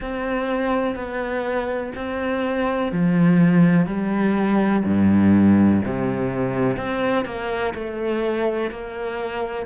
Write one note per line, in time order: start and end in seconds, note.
0.00 0.95 C4
0.95 1.92 B3
1.95 2.92 C4
2.92 3.86 F3
3.86 4.83 G3
4.84 5.81 G2
5.85 6.77 C3
6.77 7.25 C4
7.25 7.73 A#3
7.74 8.71 A3
8.71 9.66 A#3